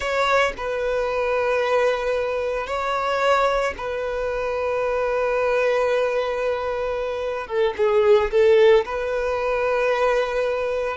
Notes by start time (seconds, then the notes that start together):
0.00 C#5
0.57 B4
2.66 C#5
3.77 B4
7.47 A4
7.77 G#4
8.31 A4
8.85 B4